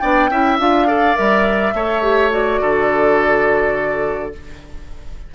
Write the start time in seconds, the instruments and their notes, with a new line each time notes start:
0.00 bassoon B3, clarinet D4, oboe D5, flute G5
0.30 bassoon C#4, clarinet E4, oboe E5
0.59 bassoon D4, clarinet F4, flute F5
0.87 clarinet A4, oboe D5
1.16 bassoon G3, clarinet A#4, flute E5
1.74 bassoon A3, clarinet A4, oboe C#5
2.03 clarinet G4
2.31 clarinet F#4, flute D5
2.61 bassoon D3, oboe A4